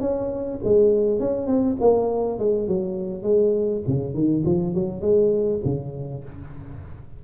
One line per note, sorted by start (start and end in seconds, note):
0.00 0.59 C#4
0.63 1.19 G#3
1.19 1.46 C#4
1.46 1.76 C4
1.80 2.39 A#3
2.39 2.67 G#3
2.67 3.22 F#3
3.22 3.81 G#3
3.87 4.14 C#3
4.14 4.43 D#3
4.45 4.74 F3
4.74 5.01 F#3
5.01 5.60 G#3
5.64 6.23 C#3